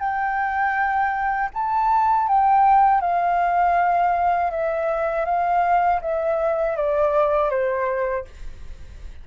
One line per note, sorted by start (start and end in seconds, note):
0.00 1.50 G5
1.54 2.28 A5
2.28 3.01 G5
3.01 4.51 F5
4.51 5.26 E5
5.26 6.01 F5
6.02 6.77 E5
6.77 7.50 D5
7.50 8.25 C5